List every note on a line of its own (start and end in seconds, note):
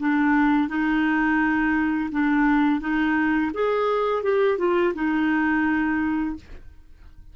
0.00 0.69 D4
0.69 2.10 D#4
2.12 2.81 D4
2.81 3.52 D#4
3.54 4.23 G#4
4.23 4.59 G4
4.59 4.94 F4
4.95 6.36 D#4